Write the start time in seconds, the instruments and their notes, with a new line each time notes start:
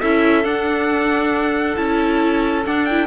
0.00 cello C#4, viola E4, clarinet A4, trumpet E5
0.44 viola D4, cello D4, trumpet F#5
1.75 cello C#4, viola E4, trumpet A5
2.66 viola D4, cello D4, trumpet F#5
2.85 viola E4, trumpet G5